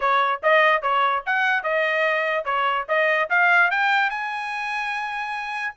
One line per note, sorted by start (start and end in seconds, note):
0.00 0.41 C#5
0.42 0.82 D#5
0.82 1.23 C#5
1.26 1.63 F#5
1.63 2.44 D#5
2.44 2.85 C#5
2.88 3.29 D#5
3.29 3.70 F5
3.70 4.09 G5
4.09 5.74 G#5